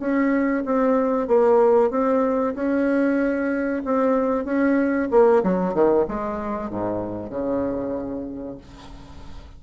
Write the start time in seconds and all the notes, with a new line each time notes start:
0.00 C#4
0.66 C4
1.28 A#3
1.91 C4
2.55 C#4
3.85 C4
4.45 C#4
5.12 A#3
5.44 F#3
5.74 D#3
6.09 G#3
6.71 G#2
7.31 C#3